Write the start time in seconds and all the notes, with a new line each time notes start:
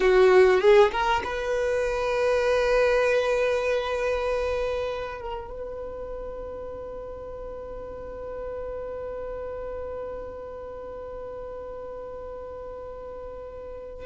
0.00 F#4
0.60 G#4
0.91 A#4
1.24 B4
5.21 A#4
5.49 B4